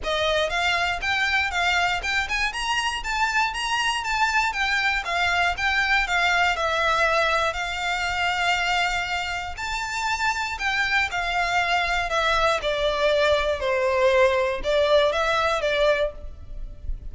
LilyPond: \new Staff \with { instrumentName = "violin" } { \time 4/4 \tempo 4 = 119 dis''4 f''4 g''4 f''4 | g''8 gis''8 ais''4 a''4 ais''4 | a''4 g''4 f''4 g''4 | f''4 e''2 f''4~ |
f''2. a''4~ | a''4 g''4 f''2 | e''4 d''2 c''4~ | c''4 d''4 e''4 d''4 | }